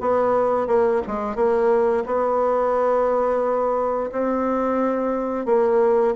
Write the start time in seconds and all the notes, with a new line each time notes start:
0.00 B3
0.67 A#3
1.07 G#3
1.35 A#3
2.06 B3
4.12 C4
5.45 A#3